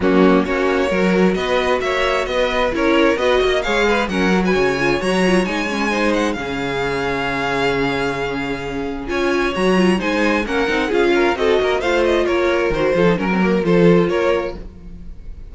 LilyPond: <<
  \new Staff \with { instrumentName = "violin" } { \time 4/4 \tempo 4 = 132 fis'4 cis''2 dis''4 | e''4 dis''4 cis''4 dis''4 | f''4 fis''8. gis''4~ gis''16 ais''4 | gis''4. fis''8 f''2~ |
f''1 | gis''4 ais''4 gis''4 fis''4 | f''4 dis''4 f''8 dis''8 cis''4 | c''4 ais'4 c''4 cis''4 | }
  \new Staff \with { instrumentName = "violin" } { \time 4/4 cis'4 fis'4 ais'4 b'4 | cis''4 b'4 ais'4 b'8 dis''8 | cis''8 b'8 ais'8. b'16 cis''2~ | cis''4 c''4 gis'2~ |
gis'1 | cis''2 c''4 ais'4 | gis'8 ais'8 a'8 ais'8 c''4 ais'4~ | ais'8 a'8 ais'4 a'4 ais'4 | }
  \new Staff \with { instrumentName = "viola" } { \time 4/4 ais4 cis'4 fis'2~ | fis'2 e'4 fis'4 | gis'4 cis'8 fis'4 f'8 fis'8 f'8 | dis'8 cis'8 dis'4 cis'2~ |
cis'1 | f'4 fis'8 f'8 dis'4 cis'8 dis'8 | f'4 fis'4 f'2 | fis'8 f'16 dis'16 cis'16 c'16 ais8 f'2 | }
  \new Staff \with { instrumentName = "cello" } { \time 4/4 fis4 ais4 fis4 b4 | ais4 b4 cis'4 b8 ais8 | gis4 fis4 cis4 fis4 | gis2 cis2~ |
cis1 | cis'4 fis4 gis4 ais8 c'8 | cis'4 c'8 ais8 a4 ais4 | dis8 f8 fis4 f4 ais4 | }
>>